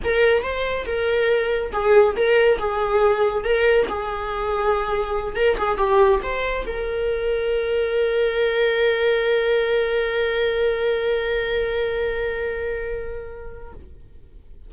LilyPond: \new Staff \with { instrumentName = "viola" } { \time 4/4 \tempo 4 = 140 ais'4 c''4 ais'2 | gis'4 ais'4 gis'2 | ais'4 gis'2.~ | gis'8 ais'8 gis'8 g'4 c''4 ais'8~ |
ais'1~ | ais'1~ | ais'1~ | ais'1 | }